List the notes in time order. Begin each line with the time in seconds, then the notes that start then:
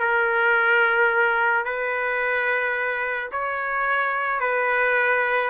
0.00 A#4
1.65 B4
3.32 C#5
4.40 B4